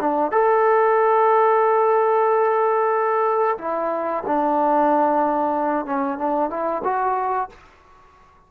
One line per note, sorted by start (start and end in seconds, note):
0.00 0.31 D4
0.31 3.58 A4
3.58 4.23 E4
4.27 5.86 D4
5.86 6.18 C#4
6.18 6.50 D4
6.50 6.83 E4
6.84 7.49 F#4